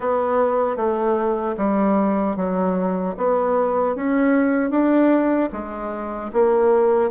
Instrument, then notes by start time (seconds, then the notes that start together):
bassoon
0.00 B3
0.76 A3
1.57 G3
2.36 F#3
3.17 B3
3.95 C#4
4.70 D4
5.52 G#3
6.32 A#3